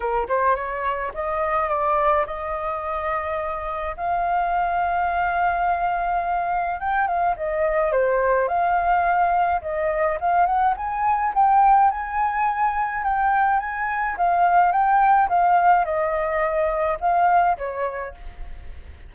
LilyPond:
\new Staff \with { instrumentName = "flute" } { \time 4/4 \tempo 4 = 106 ais'8 c''8 cis''4 dis''4 d''4 | dis''2. f''4~ | f''1 | g''8 f''8 dis''4 c''4 f''4~ |
f''4 dis''4 f''8 fis''8 gis''4 | g''4 gis''2 g''4 | gis''4 f''4 g''4 f''4 | dis''2 f''4 cis''4 | }